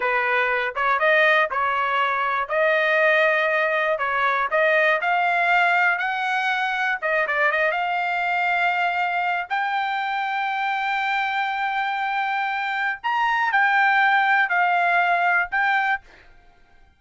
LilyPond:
\new Staff \with { instrumentName = "trumpet" } { \time 4/4 \tempo 4 = 120 b'4. cis''8 dis''4 cis''4~ | cis''4 dis''2. | cis''4 dis''4 f''2 | fis''2 dis''8 d''8 dis''8 f''8~ |
f''2. g''4~ | g''1~ | g''2 ais''4 g''4~ | g''4 f''2 g''4 | }